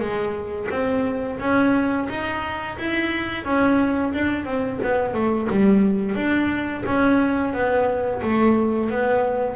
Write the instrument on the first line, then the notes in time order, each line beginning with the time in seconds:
double bass
0.00 G#3
0.71 C4
1.40 C#4
2.10 D#4
2.79 E4
3.45 C#4
4.14 D4
4.45 C4
4.83 B3
5.14 A3
5.50 G3
6.15 D4
6.86 C#4
7.53 B3
8.22 A3
8.90 B3